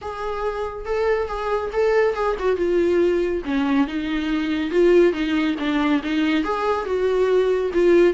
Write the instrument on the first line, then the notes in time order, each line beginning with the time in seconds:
viola
0.01 G#4
0.85 A4
1.27 G#4
1.72 A4
2.14 G#4
2.39 F#4
2.56 F4
3.45 C#4
3.87 D#4
4.70 F4
5.13 D#4
5.59 D4
6.03 D#4
6.44 G#4
6.85 F#4
7.73 F4